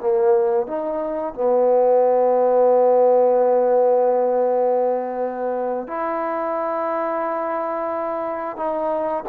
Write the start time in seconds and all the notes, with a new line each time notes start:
0.00 A#3
0.67 D#4
1.34 B3
5.87 E4
8.56 D#4